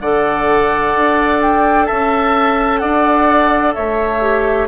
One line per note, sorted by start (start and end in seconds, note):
0.00 0.94 D3
0.00 4.21 A4
0.00 1.86 D5
0.00 1.41 F#5
0.96 1.89 D4
1.41 1.86 G5
1.86 2.82 C#4
1.86 2.80 E5
1.86 2.78 A5
2.78 3.76 D4
2.78 3.74 D5
2.78 3.72 F#5
3.74 4.68 A3
3.74 4.68 C#5
3.74 4.67 E5
4.21 4.68 G4